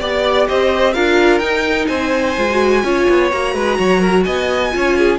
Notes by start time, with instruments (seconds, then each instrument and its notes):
0.00 cello B3, viola G4, violin D5
0.48 cello C4, violin C5 D#5
0.93 cello D4, viola F4, violin A#4 F5
1.39 cello D#4, viola D#4, violin G5
1.87 cello C4, violin C5 G#5
2.37 cello G#3, viola F4
2.50 viola F#4
2.83 cello C#4, viola F4, violin C#5
3.09 cello B3
3.32 cello A#3, viola F#4, violin A#5
3.54 cello G#3, violin B4
3.78 cello F#3, violin C#5
4.00 violin A#4
4.23 cello B3, violin D#5 G#5
4.72 cello C#4, viola F4, violin C#5
4.97 violin G#4